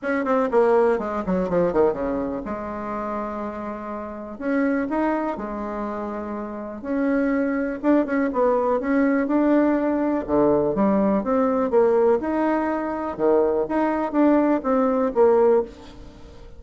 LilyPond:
\new Staff \with { instrumentName = "bassoon" } { \time 4/4 \tempo 4 = 123 cis'8 c'8 ais4 gis8 fis8 f8 dis8 | cis4 gis2.~ | gis4 cis'4 dis'4 gis4~ | gis2 cis'2 |
d'8 cis'8 b4 cis'4 d'4~ | d'4 d4 g4 c'4 | ais4 dis'2 dis4 | dis'4 d'4 c'4 ais4 | }